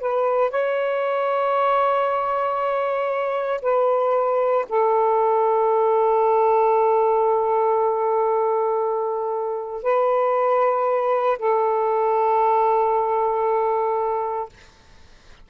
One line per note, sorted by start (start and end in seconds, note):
0.00 0.51 B4
0.51 3.62 C#5
3.62 4.66 B4
4.70 9.84 A4
9.84 11.39 B4
11.39 14.50 A4